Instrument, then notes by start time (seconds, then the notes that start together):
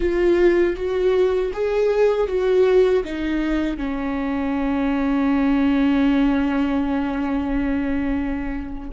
viola
0.00 F4
0.76 F#4
1.53 G#4
2.28 F#4
3.04 D#4
3.77 C#4